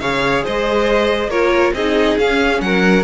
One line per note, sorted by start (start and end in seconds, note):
0.00 0.43 C#3
0.00 1.31 G#4
0.00 0.44 C#5
0.00 0.44 F5
0.44 1.28 G#3
0.44 1.30 C5
0.44 1.30 D#5
1.28 1.72 A#3
1.28 1.75 F4
1.28 1.73 A#4
1.28 1.73 C#5
1.73 2.17 C4
1.73 2.19 D#4
1.73 2.62 G#4
1.73 2.18 D#5
2.18 2.61 C#4
2.18 3.04 C#4
2.18 2.61 F5
2.61 3.04 F#3
2.61 3.04 A#4
2.61 3.04 F#5